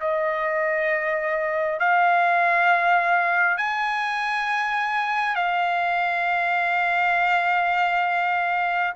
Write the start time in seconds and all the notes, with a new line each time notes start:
0.00 D#5
1.79 F5
3.57 G#5
5.35 F5